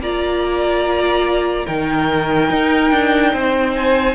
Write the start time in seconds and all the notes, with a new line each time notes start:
0.00 A#3 F4 D5 A#5
1.66 D#3 D#4 A#4 G5
2.51 D#4
2.91 D4
3.33 C4 C5
3.76 G#5